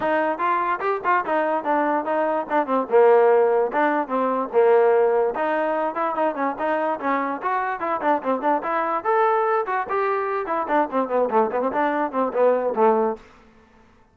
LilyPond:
\new Staff \with { instrumentName = "trombone" } { \time 4/4 \tempo 4 = 146 dis'4 f'4 g'8 f'8 dis'4 | d'4 dis'4 d'8 c'8 ais4~ | ais4 d'4 c'4 ais4~ | ais4 dis'4. e'8 dis'8 cis'8 |
dis'4 cis'4 fis'4 e'8 d'8 | c'8 d'8 e'4 a'4. fis'8 | g'4. e'8 d'8 c'8 b8 a8 | b16 c'16 d'4 c'8 b4 a4 | }